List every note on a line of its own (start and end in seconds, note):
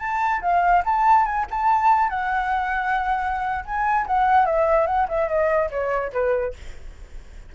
0.00 0.41 A5
0.42 0.83 F5
0.85 1.26 A5
1.26 1.46 G#5
1.51 2.10 A5
2.10 3.65 F#5
3.65 4.07 G#5
4.07 4.46 F#5
4.46 4.87 E5
4.87 5.08 F#5
5.09 5.29 E5
5.29 5.70 D#5
5.71 6.12 C#5
6.13 6.54 B4